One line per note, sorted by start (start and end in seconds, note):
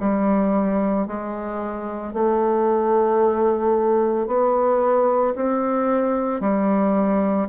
0.00 1.07 G3
1.07 2.14 G#3
2.14 4.28 A3
4.28 5.35 B3
5.36 6.41 C4
6.41 7.48 G3